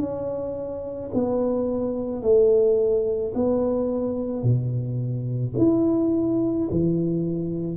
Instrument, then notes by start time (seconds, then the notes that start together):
tuba
0.00 C#4
1.14 B3
2.22 A3
3.35 B3
4.43 B2
5.58 E4
6.71 E3